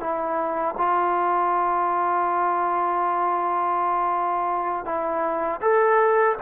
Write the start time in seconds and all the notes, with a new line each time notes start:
0.00 E4
0.78 F4
4.85 E4
5.61 A4